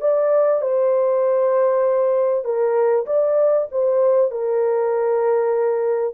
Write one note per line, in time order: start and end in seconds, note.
0.00 0.61 D5
0.61 2.44 C5
2.44 3.06 A#4
3.06 3.67 D5
3.71 4.31 C5
4.31 6.14 A#4